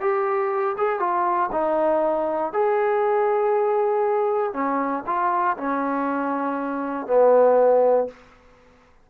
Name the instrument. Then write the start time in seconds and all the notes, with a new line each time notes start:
trombone
0.00 G4
0.77 G#4
0.99 F4
1.51 D#4
2.52 G#4
4.53 C#4
5.06 F4
5.57 C#4
7.06 B3